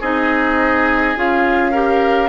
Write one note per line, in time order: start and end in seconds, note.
0.00 1.15 C4
0.00 1.16 D#4
0.00 1.71 G#4
0.00 1.17 D#5
1.16 2.29 C#4
1.16 1.73 F4
1.16 2.29 F5
1.71 2.29 G4
1.71 2.29 A#4